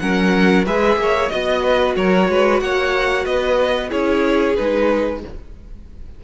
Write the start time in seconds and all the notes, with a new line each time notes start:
0.00 F#3 C#4 A#4 F#5
0.66 G#3 G#4 B4 E5
0.97 A#3 C#5
1.29 B3 F#4 D#5
1.64 B4
1.96 F#3 A#4 C#5
2.29 G#3 B4
2.61 A#3 C#5 F#5
3.25 B3 B4 D#5
3.89 C#4 E4 G#4 C#5
4.56 G#3 D#4 B4